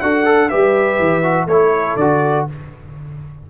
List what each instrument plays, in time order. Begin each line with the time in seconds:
0.00 tuba D4, trombone F#4, horn A4, trumpet F#5
0.24 trombone A4
0.48 tuba G3, trombone G4, horn B4, trumpet E5
0.98 tuba E3
1.23 trombone F#4
1.46 tuba A3, trombone E4, horn A4, trumpet C#5
1.95 tuba D3, trombone F#4, trumpet D5